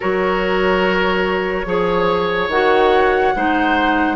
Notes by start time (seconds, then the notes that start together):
0.00 F#3 F#4 A#4 C#5
1.65 F3 G#4 C#5
2.48 D#3 F#4 F#5
3.35 G#3 D#4 C5